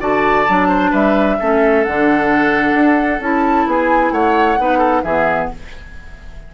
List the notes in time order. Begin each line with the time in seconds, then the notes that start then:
0.00 D3 F#4 D5 A5
0.49 F#3 D4
0.68 C5
0.91 G3 B4 E5
1.39 A3 C#4 A4
1.84 D3 D4 F#5
2.74 D4
3.20 C#4 E4 A5
3.67 B3 G#4 G#5
4.11 A3 C#5 F#5
4.59 B3 D#4 B4
4.78 A4
5.03 E3 B3 G#4 E5